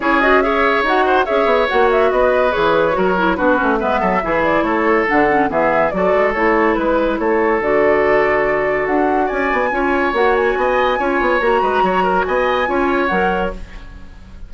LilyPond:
<<
  \new Staff \with { instrumentName = "flute" } { \time 4/4 \tempo 4 = 142 cis''8 dis''8 e''4 fis''4 e''4 | fis''8 e''8 dis''4 cis''2 | b'4 e''4. d''8 cis''4 | fis''4 e''4 d''4 cis''4 |
b'4 cis''4 d''2~ | d''4 fis''4 gis''2 | fis''8 gis''2~ gis''8 ais''4~ | ais''4 gis''2 fis''4 | }
  \new Staff \with { instrumentName = "oboe" } { \time 4/4 gis'4 cis''4. c''8 cis''4~ | cis''4 b'2 ais'4 | fis'4 b'8 a'8 gis'4 a'4~ | a'4 gis'4 a'2 |
b'4 a'2.~ | a'2 d''4 cis''4~ | cis''4 dis''4 cis''4. b'8 | cis''8 ais'8 dis''4 cis''2 | }
  \new Staff \with { instrumentName = "clarinet" } { \time 4/4 e'8 fis'8 gis'4 fis'4 gis'4 | fis'2 gis'4 fis'8 e'8 | d'8 cis'8 b4 e'2 | d'8 cis'8 b4 fis'4 e'4~ |
e'2 fis'2~ | fis'2. f'4 | fis'2 f'4 fis'4~ | fis'2 f'4 ais'4 | }
  \new Staff \with { instrumentName = "bassoon" } { \time 4/4 cis'2 dis'4 cis'8 b8 | ais4 b4 e4 fis4 | b8 a8 gis8 fis8 e4 a4 | d4 e4 fis8 gis8 a4 |
gis4 a4 d2~ | d4 d'4 cis'8 b8 cis'4 | ais4 b4 cis'8 b8 ais8 gis8 | fis4 b4 cis'4 fis4 | }
>>